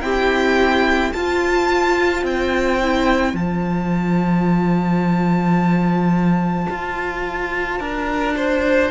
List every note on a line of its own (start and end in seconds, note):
0.00 1.12 C4
0.00 1.11 E4
0.00 1.14 G4
0.00 1.12 G5
1.12 2.23 F4
1.12 2.81 F4
1.12 7.79 C5
1.12 2.23 A5
2.23 3.33 C4
2.23 3.35 G5
2.81 3.36 E4
3.33 6.66 F3
3.33 8.90 F4
3.33 8.90 A5
6.70 7.80 F4
7.79 8.90 D4
7.79 8.35 A#4
8.37 8.90 C5